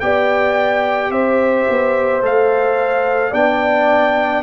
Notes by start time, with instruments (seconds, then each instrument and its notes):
0.00 tuba B3, trombone G4, horn D5, trumpet G5
1.10 tuba C4, horn C5, trumpet E5
1.69 tuba B3
2.22 tuba A3, trombone A4, trumpet F5
3.31 tuba B3, trombone D4, horn D5, trumpet G5